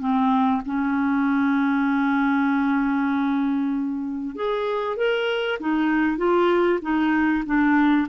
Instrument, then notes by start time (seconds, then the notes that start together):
clarinet
0.00 C4
0.66 C#4
4.35 G#4
4.97 A#4
5.60 D#4
6.17 F4
6.82 D#4
7.46 D4